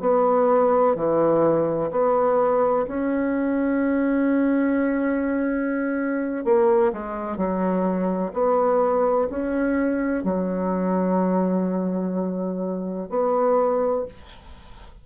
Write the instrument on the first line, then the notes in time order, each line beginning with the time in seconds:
bassoon
0.00 B3
0.95 E3
1.90 B3
2.87 C#4
6.45 A#3
6.92 G#3
7.37 F#3
8.33 B3
9.29 C#4
10.23 F#3
13.10 B3